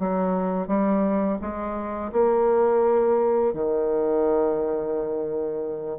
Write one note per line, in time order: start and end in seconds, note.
0.00 0.68 F#3
0.68 1.38 G3
1.42 2.12 G#3
2.12 3.54 A#3
3.54 5.99 D#3